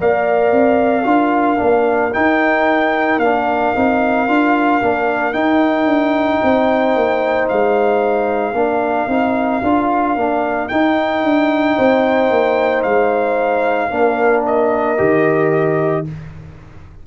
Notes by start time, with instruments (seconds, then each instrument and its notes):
0.00 tuba A#3, trombone A#4, horn D5, trumpet F5
0.52 tuba C4
1.04 tuba D4, trombone F4, horn A#4
1.57 tuba A#3, trombone D4
2.14 trombone D#4, tuba D#4, trumpet G5
3.18 tuba A#3, trombone D4, trumpet F5
3.75 tuba C4, trombone D#4
4.28 tuba D4, trombone F4
4.82 tuba A#3, trombone D4
5.33 trombone D#4, tuba D#4, trumpet G5
5.86 tuba D4
6.43 tuba C4, horn C5
6.96 tuba A#3
7.49 tuba G#3, trumpet F5
8.53 tuba A#3, trombone D4, horn A#4
9.08 tuba C4, trombone D#4
9.63 tuba D4, trombone F4
10.16 tuba A#3, trombone D4
10.68 trombone D#4, tuba D#4, trumpet G5
11.24 tuba D4
11.76 tuba C4, horn C5
12.30 tuba A#3
12.83 tuba G#3, trumpet F5
13.91 tuba A#3, trombone D4, horn A#4
14.46 trumpet D#5
14.98 tuba D#3, trombone G4